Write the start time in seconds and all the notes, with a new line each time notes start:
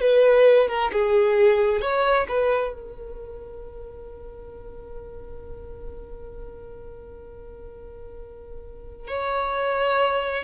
0.00 B4
0.68 A#4
0.92 G#4
1.81 C#5
2.28 B4
2.73 A#4
9.07 C#5